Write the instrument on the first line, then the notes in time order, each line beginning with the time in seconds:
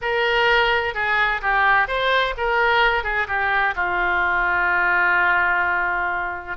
oboe
0.01 A#4
0.94 G#4
1.41 G4
1.87 C5
2.37 A#4
3.03 G#4
3.27 G4
3.75 F4